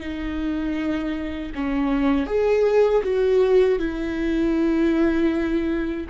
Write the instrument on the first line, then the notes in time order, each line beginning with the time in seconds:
viola
0.00 D#4
1.55 C#4
2.27 G#4
3.03 F#4
3.79 E4